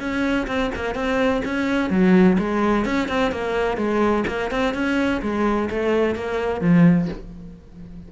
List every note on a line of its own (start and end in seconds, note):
0.00 0.47 C#4
0.47 0.71 C4
0.76 0.95 A#3
0.95 1.43 C4
1.45 1.90 C#4
1.90 2.38 F#3
2.39 2.86 G#3
2.86 3.09 C#4
3.09 3.32 C4
3.32 3.78 A#3
3.78 4.25 G#3
4.27 4.51 A#3
4.51 4.74 C4
4.74 5.22 C#4
5.22 5.70 G#3
5.70 6.15 A3
6.15 6.61 A#3
6.61 7.09 F3